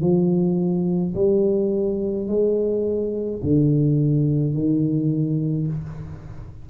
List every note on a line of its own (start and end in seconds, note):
0.00 1.13 F3
1.14 2.27 G3
2.27 3.40 G#3
3.42 4.53 D3
4.53 5.67 D#3